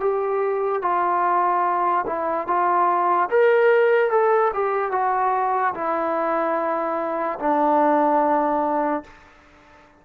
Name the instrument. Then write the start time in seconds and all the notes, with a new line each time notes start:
trombone
0.00 G4
0.82 F4
2.06 E4
2.47 F4
3.30 A#4
4.10 A4
4.54 G4
4.92 F#4
5.75 E4
7.39 D4